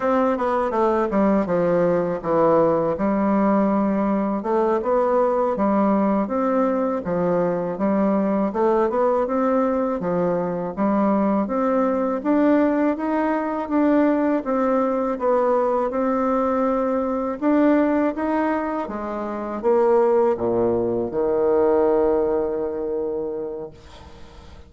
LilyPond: \new Staff \with { instrumentName = "bassoon" } { \time 4/4 \tempo 4 = 81 c'8 b8 a8 g8 f4 e4 | g2 a8 b4 g8~ | g8 c'4 f4 g4 a8 | b8 c'4 f4 g4 c'8~ |
c'8 d'4 dis'4 d'4 c'8~ | c'8 b4 c'2 d'8~ | d'8 dis'4 gis4 ais4 ais,8~ | ais,8 dis2.~ dis8 | }